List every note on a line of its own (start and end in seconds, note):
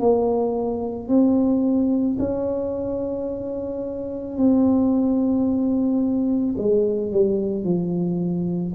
0.00 1.08 A#3
1.08 2.17 C4
2.19 4.37 C#4
4.37 6.56 C4
6.58 7.12 G#3
7.12 7.64 G3
7.64 8.73 F3